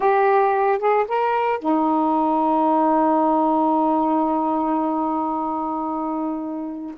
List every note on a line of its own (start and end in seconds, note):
0.00 0.78 G4
0.78 1.05 G#4
1.08 1.59 A#4
1.59 6.95 D#4